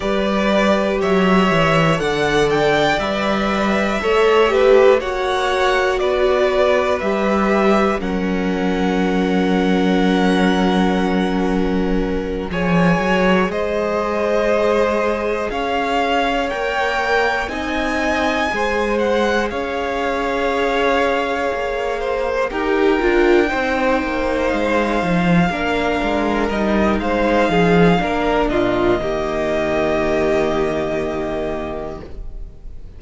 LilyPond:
<<
  \new Staff \with { instrumentName = "violin" } { \time 4/4 \tempo 4 = 60 d''4 e''4 fis''8 g''8 e''4~ | e''4 fis''4 d''4 e''4 | fis''1~ | fis''8 gis''4 dis''2 f''8~ |
f''8 g''4 gis''4. fis''8 f''8~ | f''2~ f''8 g''4.~ | g''8 f''2 dis''8 f''4~ | f''8 dis''2.~ dis''8 | }
  \new Staff \with { instrumentName = "violin" } { \time 4/4 b'4 cis''4 d''2 | cis''8 b'8 cis''4 b'2 | ais'1~ | ais'8 cis''4 c''2 cis''8~ |
cis''4. dis''4 c''4 cis''8~ | cis''2 c''8 ais'4 c''8~ | c''4. ais'4. c''8 gis'8 | ais'8 f'8 g'2. | }
  \new Staff \with { instrumentName = "viola" } { \time 4/4 g'2 a'4 b'4 | a'8 g'8 fis'2 g'4 | cis'1~ | cis'8 gis'2.~ gis'8~ |
gis'8 ais'4 dis'4 gis'4.~ | gis'2~ gis'8 g'8 f'8 dis'8~ | dis'4. d'4 dis'4. | d'4 ais2. | }
  \new Staff \with { instrumentName = "cello" } { \time 4/4 g4 fis8 e8 d4 g4 | a4 ais4 b4 g4 | fis1~ | fis8 f8 fis8 gis2 cis'8~ |
cis'8 ais4 c'4 gis4 cis'8~ | cis'4. ais4 dis'8 d'8 c'8 | ais8 gis8 f8 ais8 gis8 g8 gis8 f8 | ais8 ais,8 dis2. | }
>>